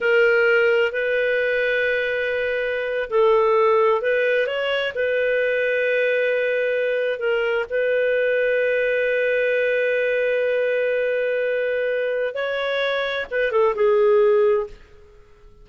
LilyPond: \new Staff \with { instrumentName = "clarinet" } { \time 4/4 \tempo 4 = 131 ais'2 b'2~ | b'2~ b'8. a'4~ a'16~ | a'8. b'4 cis''4 b'4~ b'16~ | b'2.~ b'8. ais'16~ |
ais'8. b'2.~ b'16~ | b'1~ | b'2. cis''4~ | cis''4 b'8 a'8 gis'2 | }